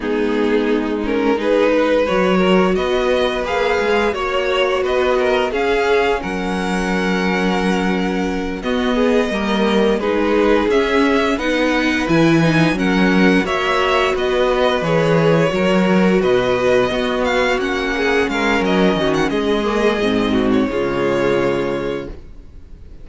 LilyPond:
<<
  \new Staff \with { instrumentName = "violin" } { \time 4/4 \tempo 4 = 87 gis'4. ais'8 b'4 cis''4 | dis''4 f''4 cis''4 dis''4 | f''4 fis''2.~ | fis''8 dis''2 b'4 e''8~ |
e''8 fis''4 gis''4 fis''4 e''8~ | e''8 dis''4 cis''2 dis''8~ | dis''4 f''8 fis''4 f''8 dis''8. fis''16 | dis''4.~ dis''16 cis''2~ cis''16 | }
  \new Staff \with { instrumentName = "violin" } { \time 4/4 dis'2 gis'8 b'4 ais'8 | b'2 cis''4 b'8 ais'8 | gis'4 ais'2.~ | ais'8 fis'8 gis'8 ais'4 gis'4.~ |
gis'8 b'2 ais'4 cis''8~ | cis''8 b'2 ais'4 b'8~ | b'8 fis'4. gis'8 ais'4 fis'8 | gis'4. fis'8 f'2 | }
  \new Staff \with { instrumentName = "viola" } { \time 4/4 b4. cis'8 dis'4 fis'4~ | fis'4 gis'4 fis'2 | cis'1~ | cis'8 b4 ais4 dis'4 cis'8~ |
cis'8 dis'4 e'8 dis'8 cis'4 fis'8~ | fis'4. gis'4 fis'4.~ | fis'8 b4 cis'2~ cis'8~ | cis'8 ais8 c'4 gis2 | }
  \new Staff \with { instrumentName = "cello" } { \time 4/4 gis2. fis4 | b4 ais8 gis8 ais4 b4 | cis'4 fis2.~ | fis8 b4 g4 gis4 cis'8~ |
cis'8 b4 e4 fis4 ais8~ | ais8 b4 e4 fis4 b,8~ | b,8 b4 ais4 gis8 fis8 dis8 | gis4 gis,4 cis2 | }
>>